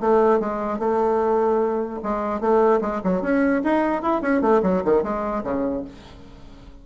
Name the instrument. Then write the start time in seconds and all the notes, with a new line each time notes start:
bassoon
0.00 A3
0.40 G#3
0.79 A3
2.03 G#3
2.40 A3
2.81 G#3
3.04 F#3
3.22 C#4
3.64 D#4
4.02 E4
4.22 C#4
4.41 A3
4.63 F#3
4.84 D#3
5.03 G#3
5.44 C#3